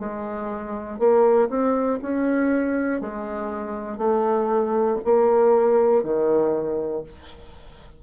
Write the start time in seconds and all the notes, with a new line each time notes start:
0.00 G#3
1.00 A#3
1.50 C4
2.02 C#4
3.01 G#3
3.98 A3
5.05 A#3
6.04 D#3